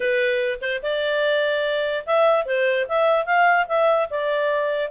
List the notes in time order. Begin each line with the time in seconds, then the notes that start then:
0.00 B4
0.61 C5
0.82 D5
2.06 E5
2.45 C5
2.88 E5
3.25 F5
3.68 E5
4.10 D5